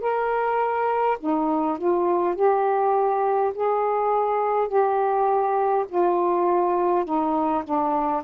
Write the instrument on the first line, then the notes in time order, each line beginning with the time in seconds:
saxophone
0.00 A#4
1.20 D#4
1.78 F4
2.35 G4
3.54 G#4
4.67 G4
5.88 F4
7.04 D#4
7.64 D4